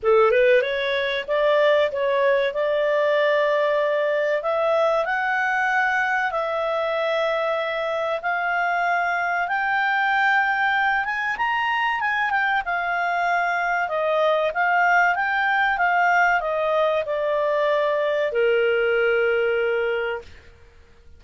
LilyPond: \new Staff \with { instrumentName = "clarinet" } { \time 4/4 \tempo 4 = 95 a'8 b'8 cis''4 d''4 cis''4 | d''2. e''4 | fis''2 e''2~ | e''4 f''2 g''4~ |
g''4. gis''8 ais''4 gis''8 g''8 | f''2 dis''4 f''4 | g''4 f''4 dis''4 d''4~ | d''4 ais'2. | }